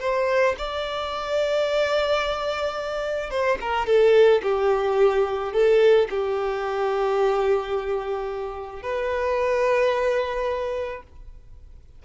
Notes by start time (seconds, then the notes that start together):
0.00 C5
0.58 D5
3.30 C5
3.61 A#4
3.86 A4
4.43 G4
5.53 A4
6.10 G4
8.82 B4